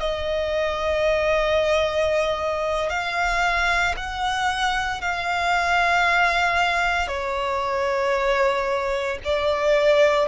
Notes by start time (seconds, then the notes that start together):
0.00 D#5
2.89 F5
3.97 F#5
5.01 F5
7.08 C#5
9.24 D5